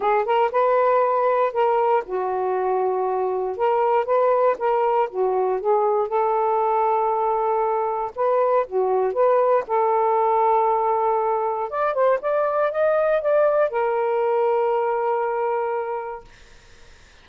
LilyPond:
\new Staff \with { instrumentName = "saxophone" } { \time 4/4 \tempo 4 = 118 gis'8 ais'8 b'2 ais'4 | fis'2. ais'4 | b'4 ais'4 fis'4 gis'4 | a'1 |
b'4 fis'4 b'4 a'4~ | a'2. d''8 c''8 | d''4 dis''4 d''4 ais'4~ | ais'1 | }